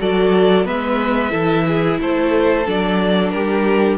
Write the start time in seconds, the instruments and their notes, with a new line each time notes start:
0.00 cello F#3, viola F#4, violin A4 D5
0.64 cello G#3, viola B3, violin B4 E5
1.30 cello E3, viola E4, violin A4
1.67 violin G#4
2.00 cello A3, violin A4 C5
2.66 cello F#3, viola D4, violin D5
3.30 cello G3, violin G4 A#4